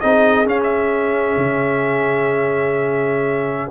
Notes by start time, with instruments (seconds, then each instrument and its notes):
0.00 tuba C4, trombone D#4, horn G#4, trumpet D#5
0.46 trombone C#4, tuba C#4, trumpet F5
0.64 trumpet E5
1.37 tuba C#3